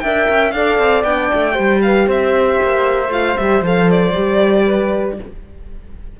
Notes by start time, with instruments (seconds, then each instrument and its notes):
0.00 cello D4, horn A#4, flute E5, violin G5
0.29 cello C#4
0.51 cello D4, horn A4, flute D5, violin F5
0.78 cello C4
1.03 cello B3, horn D4, violin G5
1.34 cello A3
1.52 horn G4, flute C5
1.59 cello G3
1.82 flute B4, violin F5
2.07 cello C4, flute C5, violin E5
2.62 cello A#3
3.09 cello A3, horn F4, violin F5
3.37 cello G3, horn G4, violin E5
3.61 cello F3, horn A4, violin F5
3.91 violin D5
4.14 cello G3, horn G4
4.65 flute B4